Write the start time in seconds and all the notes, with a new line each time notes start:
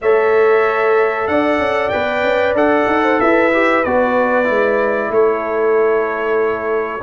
0.01 A3 A4 C#5 E5
1.27 D4 D5 F#5
1.58 C#4
1.89 B3 B4 G5
2.23 C#4
2.53 D4 A4 F#5
2.86 D#4
3.03 C5
3.19 E4 B4 E5
3.52 G4
3.84 B3 F#4 D5
4.44 G#3 E4
5.09 A3 A4 C#5